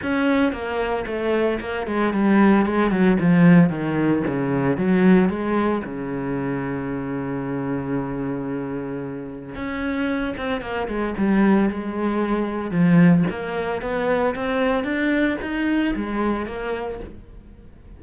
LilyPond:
\new Staff \with { instrumentName = "cello" } { \time 4/4 \tempo 4 = 113 cis'4 ais4 a4 ais8 gis8 | g4 gis8 fis8 f4 dis4 | cis4 fis4 gis4 cis4~ | cis1~ |
cis2 cis'4. c'8 | ais8 gis8 g4 gis2 | f4 ais4 b4 c'4 | d'4 dis'4 gis4 ais4 | }